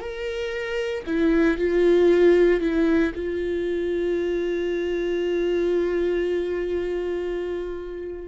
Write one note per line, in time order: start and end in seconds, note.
0.00 1.03 A#4
1.06 1.58 E4
1.58 2.61 F4
2.61 3.13 E4
3.16 8.28 F4